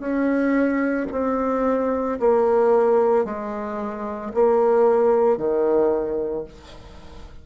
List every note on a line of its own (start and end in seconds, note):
0.00 1.07 C#4
1.12 2.19 C4
2.20 3.25 A#3
3.25 4.32 G#3
4.34 5.38 A#3
5.38 6.45 D#3